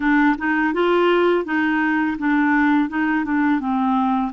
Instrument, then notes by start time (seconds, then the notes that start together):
clarinet
0.00 D4
0.37 D#4
0.73 F4
1.45 D#4
2.18 D4
2.89 D#4
3.24 D4
3.59 C4